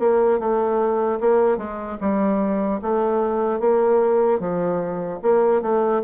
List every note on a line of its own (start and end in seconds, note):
0.00 0.40 A#3
0.40 1.20 A3
1.20 1.58 A#3
1.58 1.98 G#3
2.01 2.81 G3
2.82 3.60 A3
3.60 4.40 A#3
4.40 5.20 F3
5.23 5.62 A#3
5.62 6.02 A3